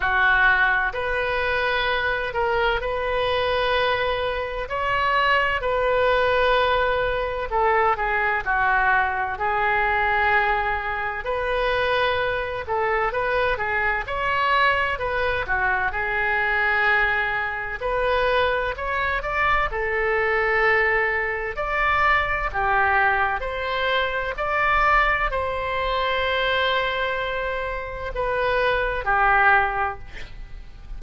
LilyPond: \new Staff \with { instrumentName = "oboe" } { \time 4/4 \tempo 4 = 64 fis'4 b'4. ais'8 b'4~ | b'4 cis''4 b'2 | a'8 gis'8 fis'4 gis'2 | b'4. a'8 b'8 gis'8 cis''4 |
b'8 fis'8 gis'2 b'4 | cis''8 d''8 a'2 d''4 | g'4 c''4 d''4 c''4~ | c''2 b'4 g'4 | }